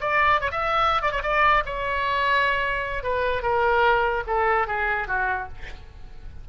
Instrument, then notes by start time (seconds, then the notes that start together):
oboe
0.00 D5
0.41 C#5
0.51 E5
1.02 D5
1.11 C#5
1.23 D5
1.65 C#5
3.03 B4
3.42 A#4
4.27 A4
4.67 G#4
5.07 F#4